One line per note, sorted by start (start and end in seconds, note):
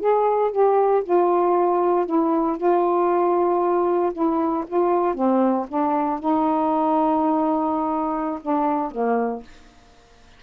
0.00 0.51 G#4
0.51 1.03 G4
1.04 2.06 F4
2.06 2.57 E4
2.57 4.12 F4
4.13 4.65 E4
4.67 5.15 F4
5.15 5.66 C4
5.69 6.20 D4
6.20 8.40 D#4
8.41 8.91 D4
8.91 9.43 A#3